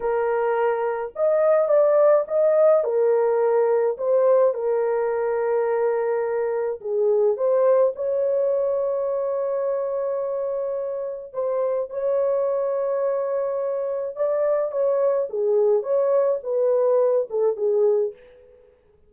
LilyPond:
\new Staff \with { instrumentName = "horn" } { \time 4/4 \tempo 4 = 106 ais'2 dis''4 d''4 | dis''4 ais'2 c''4 | ais'1 | gis'4 c''4 cis''2~ |
cis''1 | c''4 cis''2.~ | cis''4 d''4 cis''4 gis'4 | cis''4 b'4. a'8 gis'4 | }